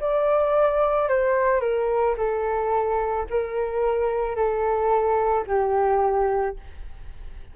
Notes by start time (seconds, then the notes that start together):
0.00 D5
1.09 C5
1.61 A#4
2.18 A4
3.30 A#4
4.36 A4
5.47 G4